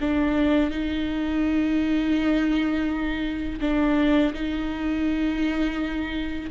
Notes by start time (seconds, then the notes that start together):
0.00 D4
0.70 D#4
3.60 D4
4.33 D#4